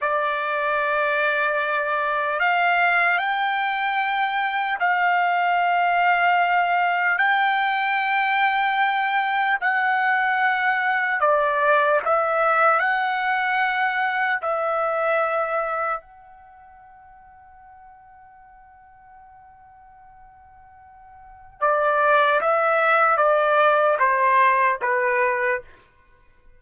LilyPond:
\new Staff \with { instrumentName = "trumpet" } { \time 4/4 \tempo 4 = 75 d''2. f''4 | g''2 f''2~ | f''4 g''2. | fis''2 d''4 e''4 |
fis''2 e''2 | fis''1~ | fis''2. d''4 | e''4 d''4 c''4 b'4 | }